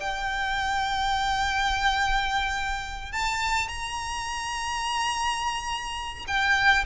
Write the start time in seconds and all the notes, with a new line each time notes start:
0.00 G5
3.12 A5
3.68 A#5
6.27 G5